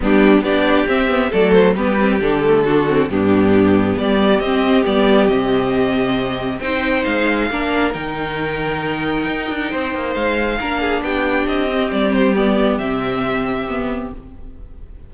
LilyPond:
<<
  \new Staff \with { instrumentName = "violin" } { \time 4/4 \tempo 4 = 136 g'4 d''4 e''4 d''8 c''8 | b'4 a'2 g'4~ | g'4 d''4 dis''4 d''4 | dis''2. g''4 |
f''2 g''2~ | g''2. f''4~ | f''4 g''4 dis''4 d''8 c''8 | d''4 e''2. | }
  \new Staff \with { instrumentName = "violin" } { \time 4/4 d'4 g'2 a'4 | g'2 fis'4 d'4~ | d'4 g'2.~ | g'2. c''4~ |
c''4 ais'2.~ | ais'2 c''2 | ais'8 gis'8 g'2.~ | g'1 | }
  \new Staff \with { instrumentName = "viola" } { \time 4/4 b4 d'4 c'8 b8 a4 | b8 c'8 d'8 a8 d'8 c'8 b4~ | b2 c'4 b4 | c'2. dis'4~ |
dis'4 d'4 dis'2~ | dis'1 | d'2~ d'8 c'4. | b4 c'2 b4 | }
  \new Staff \with { instrumentName = "cello" } { \time 4/4 g4 b4 c'4 fis4 | g4 d2 g,4~ | g,4 g4 c'4 g4 | c2. c'4 |
gis4 ais4 dis2~ | dis4 dis'8 d'8 c'8 ais8 gis4 | ais4 b4 c'4 g4~ | g4 c2. | }
>>